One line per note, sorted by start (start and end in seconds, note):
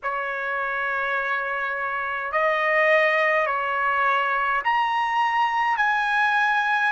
0.03 2.31 C#5
2.31 3.46 D#5
3.46 4.62 C#5
4.64 5.77 A#5
5.77 6.92 G#5